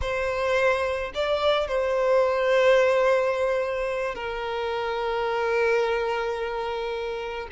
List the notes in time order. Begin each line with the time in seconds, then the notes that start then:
0.01 C5
1.14 D5
1.67 C5
4.14 A#4